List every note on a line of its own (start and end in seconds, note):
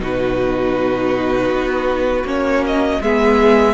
0.00 1.50 B2
0.00 2.25 D#4
0.00 3.02 F#4
0.00 2.28 B4
1.50 2.25 B3
2.25 3.00 A#3
2.25 3.01 C#4
2.25 2.65 C#5
2.67 3.03 D#5
3.01 3.75 G#3
3.01 3.75 B3
3.01 3.75 G#4
3.01 3.75 E5